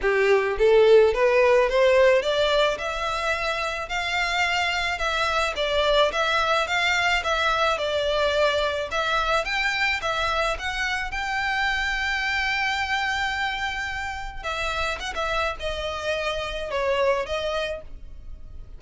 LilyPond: \new Staff \with { instrumentName = "violin" } { \time 4/4 \tempo 4 = 108 g'4 a'4 b'4 c''4 | d''4 e''2 f''4~ | f''4 e''4 d''4 e''4 | f''4 e''4 d''2 |
e''4 g''4 e''4 fis''4 | g''1~ | g''2 e''4 fis''16 e''8. | dis''2 cis''4 dis''4 | }